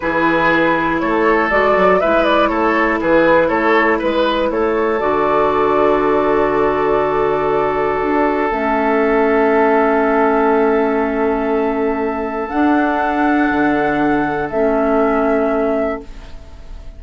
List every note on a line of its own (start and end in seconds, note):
0.00 1.01 E3
0.00 1.50 E4
0.00 1.01 G#4
0.00 0.98 B4
0.99 1.51 A3
0.99 2.00 A4
0.99 1.49 C#5
1.50 1.76 G#3
1.50 2.00 F#4
1.50 2.00 D5
1.76 2.01 F#3
2.00 2.50 G#3
2.00 4.99 E4
2.00 2.49 B4
2.00 2.23 E5
2.23 2.48 D5
2.48 3.00 A3
2.48 2.99 A4
2.48 2.98 C#5
3.00 3.49 E3
3.00 3.48 G#4
3.00 3.48 B4
3.48 3.99 A3
3.48 3.98 A4
3.48 3.98 C#5
3.98 4.50 G#3
3.98 4.48 B4
3.98 4.51 B4
4.50 5.00 A3
4.50 16.01 A4
4.50 4.99 C#5
4.99 8.01 D3
4.99 8.49 F#4
4.99 8.49 D5
8.01 8.50 D4
8.50 12.50 A3
8.50 12.49 C#4
8.50 12.49 E5
12.49 14.49 D4
12.49 13.50 D4
12.49 14.49 F#5
13.50 14.50 D3
14.50 16.00 A3
14.50 16.03 C#4
14.50 16.00 E5